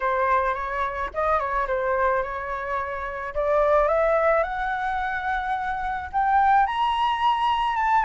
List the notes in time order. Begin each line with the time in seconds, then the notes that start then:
0.00 C5
0.54 C#5
1.13 D#5
1.39 C#5
1.67 C5
2.22 C#5
3.34 D5
3.88 E5
4.43 F#5
6.12 G5
6.66 A#5
7.76 A5